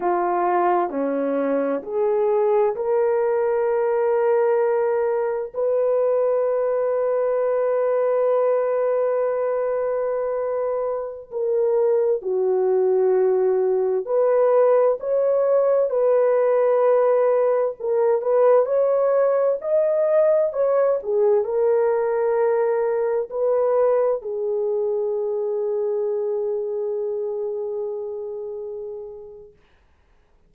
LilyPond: \new Staff \with { instrumentName = "horn" } { \time 4/4 \tempo 4 = 65 f'4 cis'4 gis'4 ais'4~ | ais'2 b'2~ | b'1~ | b'16 ais'4 fis'2 b'8.~ |
b'16 cis''4 b'2 ais'8 b'16~ | b'16 cis''4 dis''4 cis''8 gis'8 ais'8.~ | ais'4~ ais'16 b'4 gis'4.~ gis'16~ | gis'1 | }